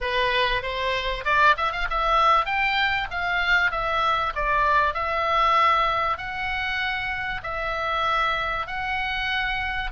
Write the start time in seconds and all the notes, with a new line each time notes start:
0.01 B4
0.62 C5
1.24 D5
1.57 E5
1.72 F5
1.90 E5
2.45 G5
3.10 F5
3.71 E5
4.35 D5
4.93 E5
6.17 F#5
7.43 E5
8.67 F#5